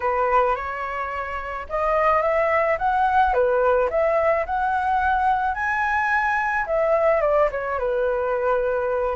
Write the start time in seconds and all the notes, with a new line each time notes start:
0.00 B4
0.55 C#5
1.69 D#5
2.21 E5
2.78 F#5
3.33 B4
3.89 E5
4.45 F#5
5.54 G#5
6.66 E5
7.21 D5
7.51 C#5
7.78 B4